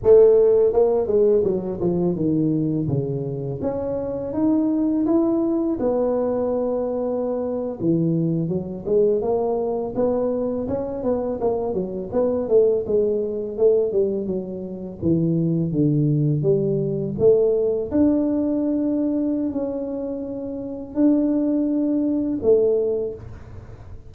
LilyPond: \new Staff \with { instrumentName = "tuba" } { \time 4/4 \tempo 4 = 83 a4 ais8 gis8 fis8 f8 dis4 | cis4 cis'4 dis'4 e'4 | b2~ b8. e4 fis16~ | fis16 gis8 ais4 b4 cis'8 b8 ais16~ |
ais16 fis8 b8 a8 gis4 a8 g8 fis16~ | fis8. e4 d4 g4 a16~ | a8. d'2~ d'16 cis'4~ | cis'4 d'2 a4 | }